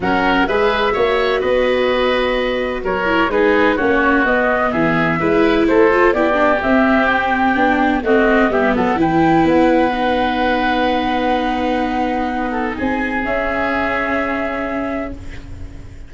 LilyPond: <<
  \new Staff \with { instrumentName = "flute" } { \time 4/4 \tempo 4 = 127 fis''4 e''2 dis''4~ | dis''2 cis''4 b'4 | cis''4 dis''4 e''2 | c''4 d''4 e''4 g''4~ |
g''4 dis''4 e''8 fis''8 g''4 | fis''1~ | fis''2. gis''4 | e''1 | }
  \new Staff \with { instrumentName = "oboe" } { \time 4/4 ais'4 b'4 cis''4 b'4~ | b'2 ais'4 gis'4 | fis'2 gis'4 b'4 | a'4 g'2.~ |
g'4 fis'4 g'8 a'8 b'4~ | b'1~ | b'2~ b'8 a'8 gis'4~ | gis'1 | }
  \new Staff \with { instrumentName = "viola" } { \time 4/4 cis'4 gis'4 fis'2~ | fis'2~ fis'8 e'8 dis'4 | cis'4 b2 e'4~ | e'8 f'8 e'8 d'8 c'2 |
d'4 c'4 b4 e'4~ | e'4 dis'2.~ | dis'1 | cis'1 | }
  \new Staff \with { instrumentName = "tuba" } { \time 4/4 fis4 gis4 ais4 b4~ | b2 fis4 gis4 | ais4 b4 e4 gis4 | a4 b4 c'2 |
b4 a4 g8 fis8 e4 | b1~ | b2. c'4 | cis'1 | }
>>